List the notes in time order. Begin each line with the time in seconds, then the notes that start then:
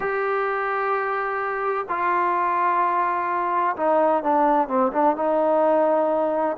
0.00 G4
1.88 F4
3.76 D#4
4.23 D4
4.68 C4
4.92 D4
5.16 D#4